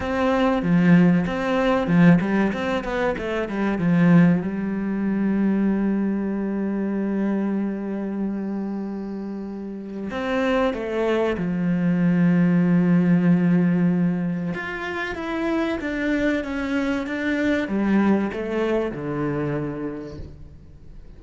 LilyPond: \new Staff \with { instrumentName = "cello" } { \time 4/4 \tempo 4 = 95 c'4 f4 c'4 f8 g8 | c'8 b8 a8 g8 f4 g4~ | g1~ | g1 |
c'4 a4 f2~ | f2. f'4 | e'4 d'4 cis'4 d'4 | g4 a4 d2 | }